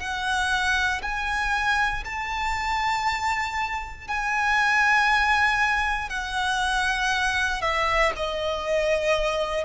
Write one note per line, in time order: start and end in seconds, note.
0.00 1.02 F#5
1.03 2.04 G#5
2.05 4.08 A5
4.08 6.10 G#5
6.10 7.62 F#5
7.62 8.13 E5
8.17 9.65 D#5